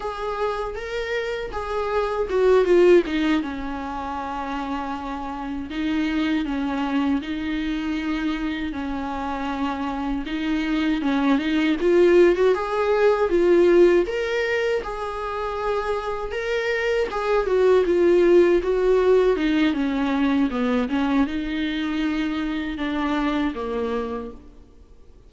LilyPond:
\new Staff \with { instrumentName = "viola" } { \time 4/4 \tempo 4 = 79 gis'4 ais'4 gis'4 fis'8 f'8 | dis'8 cis'2. dis'8~ | dis'8 cis'4 dis'2 cis'8~ | cis'4. dis'4 cis'8 dis'8 f'8~ |
f'16 fis'16 gis'4 f'4 ais'4 gis'8~ | gis'4. ais'4 gis'8 fis'8 f'8~ | f'8 fis'4 dis'8 cis'4 b8 cis'8 | dis'2 d'4 ais4 | }